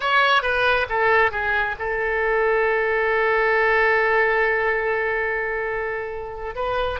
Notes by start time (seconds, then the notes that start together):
0.00 C#5
0.42 B4
0.89 A4
1.31 G#4
1.79 A4
6.55 B4